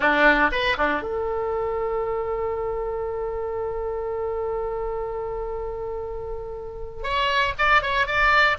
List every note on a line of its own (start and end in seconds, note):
0.00 0.50 D4
0.51 0.76 B4
0.77 1.02 D4
1.02 7.03 A4
7.03 7.53 C#5
7.58 7.82 D5
7.82 8.06 C#5
8.06 8.57 D5